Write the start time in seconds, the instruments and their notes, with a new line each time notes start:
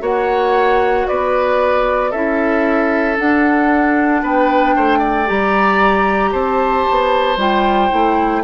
0.00 bassoon A#3, clarinet F#4, oboe C#5, flute F#5
1.07 bassoon B3, oboe B4, flute D5
2.11 bassoon C#4, clarinet E4, oboe A4, flute E5
3.17 clarinet D4, bassoon D4, flute F#5
4.23 bassoon B3, oboe B4, flute G5
4.76 bassoon A3, oboe C5
4.99 oboe D5
5.26 bassoon G3, clarinet G4, flute A#5
6.32 bassoon C4, oboe C5, flute A5
6.90 bassoon B3
7.37 bassoon G3, clarinet F4, flute G5
7.90 bassoon A3, clarinet E4